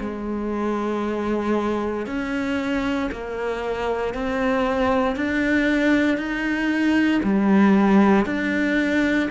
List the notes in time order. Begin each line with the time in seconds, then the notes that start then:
0.00 G#3
2.06 C#4
3.11 A#3
4.14 C4
5.16 D4
6.17 D#4
7.23 G3
8.26 D4